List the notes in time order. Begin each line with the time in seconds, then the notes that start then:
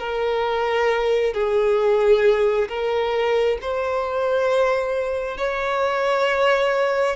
0.00 A#4
1.34 G#4
2.69 A#4
3.62 C5
5.38 C#5